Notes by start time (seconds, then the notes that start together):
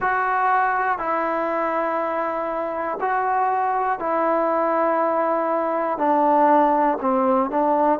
0.00 F#4
0.98 E4
3.00 F#4
3.99 E4
5.98 D4
7.00 C4
7.50 D4